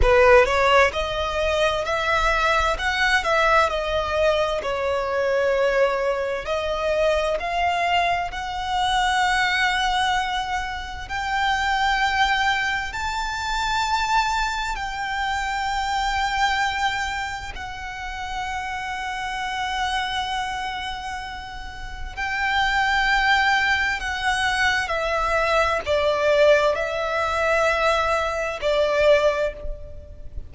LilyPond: \new Staff \with { instrumentName = "violin" } { \time 4/4 \tempo 4 = 65 b'8 cis''8 dis''4 e''4 fis''8 e''8 | dis''4 cis''2 dis''4 | f''4 fis''2. | g''2 a''2 |
g''2. fis''4~ | fis''1 | g''2 fis''4 e''4 | d''4 e''2 d''4 | }